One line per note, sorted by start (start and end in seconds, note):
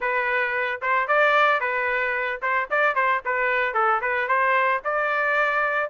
0.00 0.81 B4
0.81 1.07 C5
1.07 1.60 D5
1.60 2.40 B4
2.42 2.69 C5
2.70 2.95 D5
2.95 3.21 C5
3.25 3.74 B4
3.74 4.00 A4
4.01 4.28 B4
4.28 4.81 C5
4.84 5.90 D5